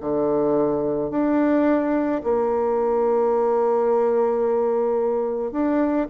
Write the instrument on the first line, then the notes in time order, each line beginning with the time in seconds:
bassoon
0.00 D3
1.10 D4
2.23 A#3
5.51 D4